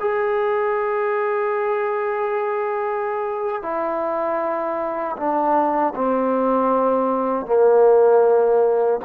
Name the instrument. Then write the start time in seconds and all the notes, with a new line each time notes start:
trombone
0.00 G#4
3.63 E4
5.17 D4
5.95 C4
7.46 A#3